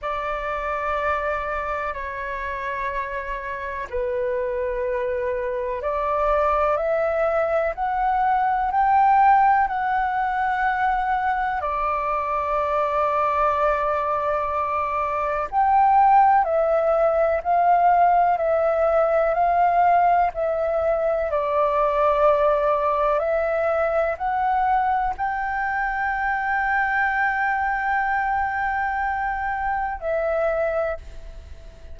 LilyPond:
\new Staff \with { instrumentName = "flute" } { \time 4/4 \tempo 4 = 62 d''2 cis''2 | b'2 d''4 e''4 | fis''4 g''4 fis''2 | d''1 |
g''4 e''4 f''4 e''4 | f''4 e''4 d''2 | e''4 fis''4 g''2~ | g''2. e''4 | }